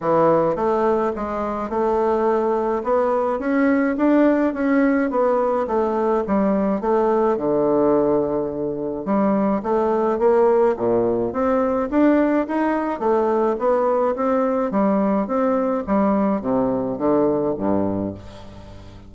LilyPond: \new Staff \with { instrumentName = "bassoon" } { \time 4/4 \tempo 4 = 106 e4 a4 gis4 a4~ | a4 b4 cis'4 d'4 | cis'4 b4 a4 g4 | a4 d2. |
g4 a4 ais4 ais,4 | c'4 d'4 dis'4 a4 | b4 c'4 g4 c'4 | g4 c4 d4 g,4 | }